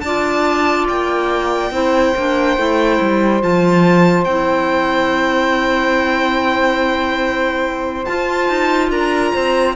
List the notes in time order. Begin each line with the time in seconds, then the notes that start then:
0.00 D4 F4 D5 A5
0.88 A#3 G5
1.70 C4 E4 C5
2.16 A#3 D4
2.57 A3 E4
3.00 G3
3.41 F3 F4 A5
4.24 C4 E4 G5
8.05 F4 A5
8.48 D#4
8.89 D4 A#4 A#5
9.32 C4 C5